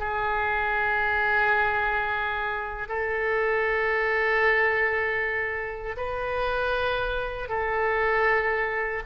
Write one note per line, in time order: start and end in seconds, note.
0.00 2.88 G#4
2.89 5.97 A4
5.97 7.49 B4
7.49 9.03 A4